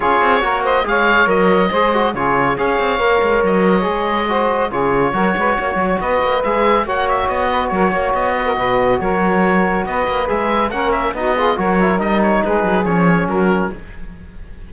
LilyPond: <<
  \new Staff \with { instrumentName = "oboe" } { \time 4/4 \tempo 4 = 140 cis''4. dis''8 f''4 dis''4~ | dis''4 cis''4 f''2 | dis''2. cis''4~ | cis''2 dis''4 e''4 |
fis''8 e''8 dis''4 cis''4 dis''4~ | dis''4 cis''2 dis''4 | e''4 fis''8 e''8 dis''4 cis''4 | dis''8 cis''8 b'4 cis''4 ais'4 | }
  \new Staff \with { instrumentName = "saxophone" } { \time 4/4 gis'4 ais'8 c''8 cis''2 | c''4 gis'4 cis''2~ | cis''2 c''4 gis'4 | ais'8 b'8 cis''4 b'2 |
cis''4. b'8 ais'8 cis''4 b'16 ais'16 | b'4 ais'2 b'4~ | b'4 ais'4 fis'8 gis'8 ais'4~ | ais'4 gis'2 fis'4 | }
  \new Staff \with { instrumentName = "trombone" } { \time 4/4 f'4 fis'4 gis'4 ais'4 | gis'8 fis'8 f'4 gis'4 ais'4~ | ais'4 gis'4 fis'4 f'4 | fis'2. gis'4 |
fis'1~ | fis'1 | gis'4 cis'4 dis'8 f'8 fis'8 e'8 | dis'2 cis'2 | }
  \new Staff \with { instrumentName = "cello" } { \time 4/4 cis'8 c'8 ais4 gis4 fis4 | gis4 cis4 cis'8 c'8 ais8 gis8 | fis4 gis2 cis4 | fis8 gis8 ais8 fis8 b8 ais8 gis4 |
ais4 b4 fis8 ais8 b4 | b,4 fis2 b8 ais8 | gis4 ais4 b4 fis4 | g4 gis8 fis8 f4 fis4 | }
>>